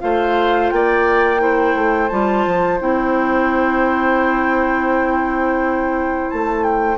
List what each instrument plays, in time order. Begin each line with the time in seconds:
0.00 bassoon A3, clarinet F4, oboe C5, flute F5
0.70 bassoon A#3, oboe D5, flute G5
1.39 clarinet E4, oboe C5
1.75 bassoon A3
2.09 bassoon G3, clarinet F4, flute A5
2.47 bassoon F3
2.80 bassoon C4, clarinet E4, flute G5
6.31 bassoon A3, flute A5
6.64 flute G5